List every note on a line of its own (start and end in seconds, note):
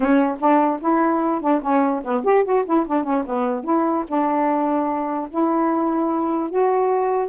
0.00 0.37 C#4
0.39 0.80 D4
0.81 1.41 E4
1.41 1.61 D4
1.62 2.02 C#4
2.04 2.24 B3
2.24 2.44 G4
2.44 2.64 F#4
2.65 2.86 E4
2.87 3.03 D4
3.03 3.23 C#4
3.26 3.64 B3
3.64 4.04 E4
4.07 5.29 D4
5.30 6.50 E4
6.50 7.29 F#4